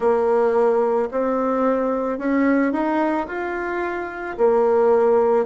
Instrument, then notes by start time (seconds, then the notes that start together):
bassoon
0.00 A#3
1.11 C4
2.18 C#4
2.72 D#4
3.27 F4
4.37 A#3